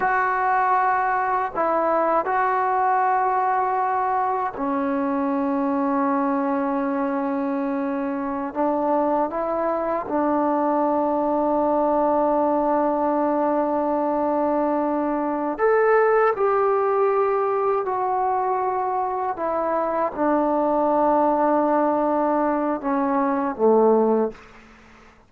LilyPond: \new Staff \with { instrumentName = "trombone" } { \time 4/4 \tempo 4 = 79 fis'2 e'4 fis'4~ | fis'2 cis'2~ | cis'2.~ cis'16 d'8.~ | d'16 e'4 d'2~ d'8.~ |
d'1~ | d'8 a'4 g'2 fis'8~ | fis'4. e'4 d'4.~ | d'2 cis'4 a4 | }